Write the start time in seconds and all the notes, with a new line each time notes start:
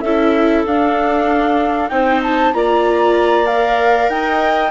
0.00 C#4 E4 A4 E5
0.65 D4 F5
1.89 C4 D#4 C5 G5
2.22 A5
2.53 A#3 F4 D5 A#5
3.46 A#4 F5
4.08 D#4 D#5 G5